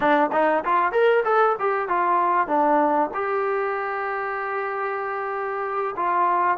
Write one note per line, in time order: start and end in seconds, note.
0.00 0.30 D4
0.32 0.63 D#4
0.64 0.92 F4
0.92 1.23 A#4
1.24 1.56 A4
1.59 1.88 G4
1.88 2.47 F4
2.47 3.10 D4
3.13 5.95 G4
5.96 6.57 F4